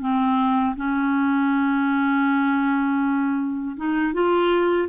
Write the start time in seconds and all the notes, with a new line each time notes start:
0.00 C4
0.76 C#4
3.76 D#4
4.13 F4